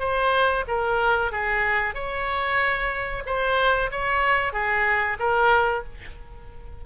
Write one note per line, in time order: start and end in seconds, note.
0.00 0.65 C5
0.68 1.32 A#4
1.32 1.95 G#4
1.95 3.24 C#5
3.26 3.91 C5
3.91 4.53 C#5
4.53 5.18 G#4
5.19 5.84 A#4